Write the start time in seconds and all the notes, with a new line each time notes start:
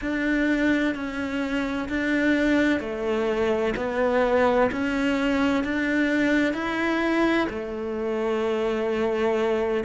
0.01 D4
0.94 C#4
1.88 D4
2.80 A3
3.76 B3
4.71 C#4
5.64 D4
6.53 E4
7.49 A3